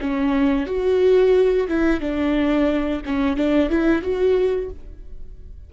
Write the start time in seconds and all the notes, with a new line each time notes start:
0.00 C#4
0.66 F#4
1.68 E4
2.00 D4
3.05 C#4
3.36 D4
3.69 E4
4.02 F#4